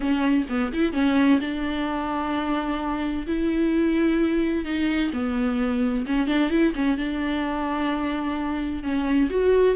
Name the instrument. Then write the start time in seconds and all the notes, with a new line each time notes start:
viola
0.00 C#4
0.49 B3
0.73 E4
0.93 C#4
1.40 D4
3.26 E4
4.64 D#4
5.13 B3
6.06 C#4
6.27 D4
6.50 E4
6.75 C#4
6.97 D4
8.83 C#4
9.29 F#4